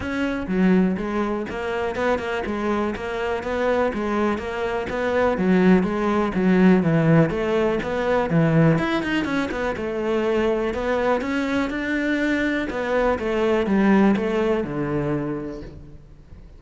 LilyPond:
\new Staff \with { instrumentName = "cello" } { \time 4/4 \tempo 4 = 123 cis'4 fis4 gis4 ais4 | b8 ais8 gis4 ais4 b4 | gis4 ais4 b4 fis4 | gis4 fis4 e4 a4 |
b4 e4 e'8 dis'8 cis'8 b8 | a2 b4 cis'4 | d'2 b4 a4 | g4 a4 d2 | }